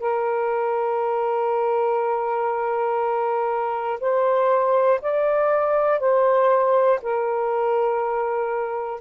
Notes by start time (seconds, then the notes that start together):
0.00 A#4
4.00 C5
5.01 D5
6.00 C5
7.02 A#4